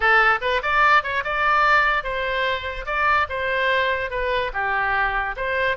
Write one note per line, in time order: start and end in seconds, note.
0.00 0.39 A4
0.41 0.61 B4
0.62 1.03 D5
1.03 1.23 C#5
1.24 2.03 D5
2.03 2.85 C5
2.86 3.27 D5
3.29 4.10 C5
4.10 4.51 B4
4.53 5.35 G4
5.36 5.76 C5